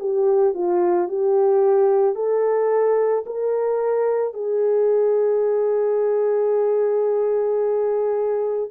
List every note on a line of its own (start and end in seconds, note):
0.00 0.54 G4
0.54 1.09 F4
1.09 2.16 G4
2.16 3.25 A4
3.26 4.34 A#4
4.34 8.70 G#4